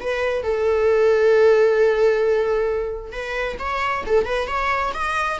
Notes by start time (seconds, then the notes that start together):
0.00 B4
0.43 A4
3.12 B4
3.59 C#5
4.06 A4
4.25 B4
4.47 C#5
4.94 D#5